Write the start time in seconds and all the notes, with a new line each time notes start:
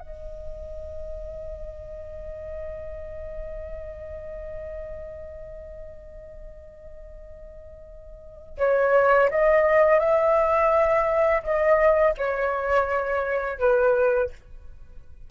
0.00 D#5
8.58 C#5
9.31 D#5
10.00 E5
11.43 D#5
12.18 C#5
13.59 B4